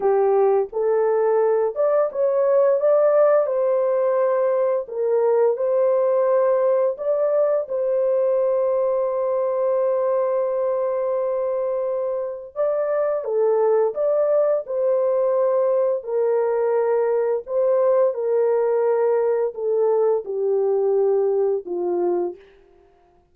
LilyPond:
\new Staff \with { instrumentName = "horn" } { \time 4/4 \tempo 4 = 86 g'4 a'4. d''8 cis''4 | d''4 c''2 ais'4 | c''2 d''4 c''4~ | c''1~ |
c''2 d''4 a'4 | d''4 c''2 ais'4~ | ais'4 c''4 ais'2 | a'4 g'2 f'4 | }